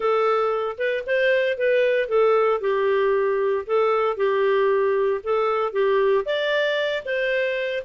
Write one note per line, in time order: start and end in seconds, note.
0.00 0.76 A4
0.78 1.04 B4
1.06 1.57 C5
1.57 2.08 B4
2.08 2.60 A4
2.61 3.65 G4
3.66 4.16 A4
4.16 5.21 G4
5.23 5.72 A4
5.72 6.24 G4
6.25 7.03 D5
7.05 7.83 C5